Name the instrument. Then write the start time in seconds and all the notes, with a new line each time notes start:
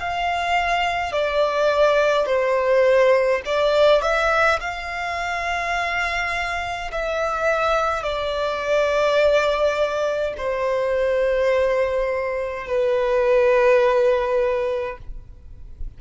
violin
0.00 F5
1.13 D5
2.26 C5
3.46 D5
4.02 E5
4.60 F5
6.92 E5
8.03 D5
10.37 C5
12.67 B4